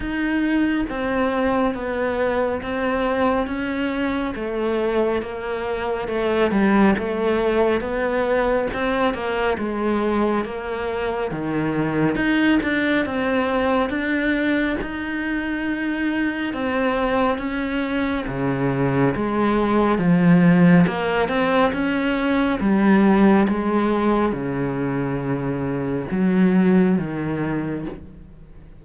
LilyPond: \new Staff \with { instrumentName = "cello" } { \time 4/4 \tempo 4 = 69 dis'4 c'4 b4 c'4 | cis'4 a4 ais4 a8 g8 | a4 b4 c'8 ais8 gis4 | ais4 dis4 dis'8 d'8 c'4 |
d'4 dis'2 c'4 | cis'4 cis4 gis4 f4 | ais8 c'8 cis'4 g4 gis4 | cis2 fis4 dis4 | }